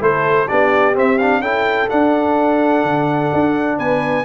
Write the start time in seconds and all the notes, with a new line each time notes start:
0.00 A3 E4 A4 C5
0.48 B3 D4 G4 D5
0.94 C4 E5
1.18 D4 F5
1.40 C#4 E4 A4 G5
1.89 D4 F#5
2.83 D3
3.33 D4
3.78 B3 B4 G#5